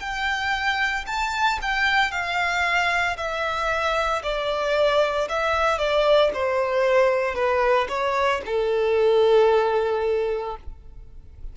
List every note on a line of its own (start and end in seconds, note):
0.00 1.05 G5
1.07 1.59 A5
1.62 2.12 G5
2.12 3.17 F5
3.17 4.22 E5
4.23 5.29 D5
5.29 5.78 E5
5.78 6.31 D5
6.34 7.35 C5
7.35 7.88 B4
7.89 8.42 C#5
8.46 10.56 A4